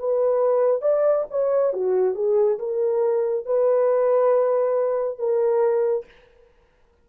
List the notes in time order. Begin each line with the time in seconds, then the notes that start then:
0.00 B4
0.82 D5
1.31 C#5
1.74 F#4
2.15 G#4
2.60 A#4
3.46 B4
5.19 A#4